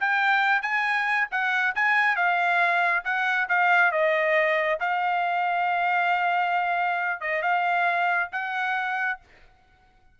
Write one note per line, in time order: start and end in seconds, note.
0.00 0.62 G5
0.62 1.27 G#5
1.31 1.75 F#5
1.75 2.16 G#5
2.16 3.03 F5
3.04 3.48 F#5
3.49 3.92 F5
3.92 4.79 D#5
4.80 7.21 F5
7.21 7.42 D#5
7.42 8.30 F5
8.32 9.20 F#5